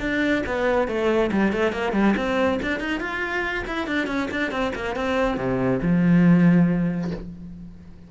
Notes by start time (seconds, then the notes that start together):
0.00 D4
0.46 B3
0.88 A3
1.32 G3
1.52 A3
1.72 A#3
1.93 G3
2.17 C4
2.62 D4
2.80 D#4
3.00 F4
3.67 E4
3.87 D4
4.07 C#4
4.31 D4
4.51 C4
4.75 A#3
4.96 C4
5.37 C3
5.82 F3